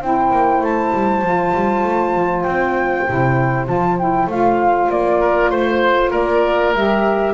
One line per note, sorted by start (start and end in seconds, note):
0.00 0.31 C4
0.00 1.23 E4
0.00 5.20 C5
0.00 0.64 G5
0.31 0.61 A#3
0.61 0.91 A3
0.61 2.43 A5
0.92 1.21 G3
1.21 1.52 F3
1.21 3.06 F4
1.53 1.84 G3
1.84 2.14 A3
2.14 2.45 F3
2.43 3.07 C4
2.43 3.65 G5
3.07 3.68 C3
3.07 3.66 E4
3.66 4.27 F3
3.66 3.97 F4
3.66 3.98 A5
3.98 4.29 E4
3.98 4.29 G5
4.27 4.88 A3
4.27 6.74 F4
4.27 4.91 F5
4.89 5.50 A#3
4.89 5.50 D5
5.20 5.50 A#4
5.50 6.11 A3
5.50 6.11 C5
5.50 6.10 C5
6.10 6.74 A#3
6.10 7.33 A#4
6.10 6.74 D5
6.74 7.34 G3
6.74 7.34 G4
6.74 7.34 E5